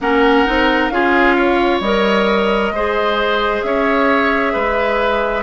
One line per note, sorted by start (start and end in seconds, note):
0.00 0.46 A#3
0.00 0.46 C#4
0.00 0.93 A#4
0.00 0.89 F#5
0.46 0.90 C4
0.46 0.91 D#4
0.89 1.80 C#4
0.89 1.82 F4
0.89 1.35 G#4
0.89 1.80 F5
1.35 2.72 C#5
1.80 2.70 G3
1.80 2.74 A#4
1.80 3.62 D#5
2.70 3.61 G#3
2.70 5.43 G#4
2.70 3.65 C5
3.62 4.54 C#4
3.62 4.52 C#5
3.62 5.43 E5
4.52 5.43 G#3
4.52 5.43 B4